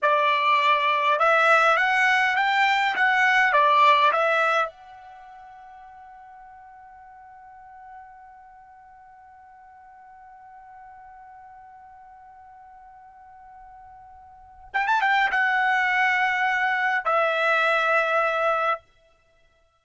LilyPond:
\new Staff \with { instrumentName = "trumpet" } { \time 4/4 \tempo 4 = 102 d''2 e''4 fis''4 | g''4 fis''4 d''4 e''4 | fis''1~ | fis''1~ |
fis''1~ | fis''1~ | fis''4 g''16 a''16 g''8 fis''2~ | fis''4 e''2. | }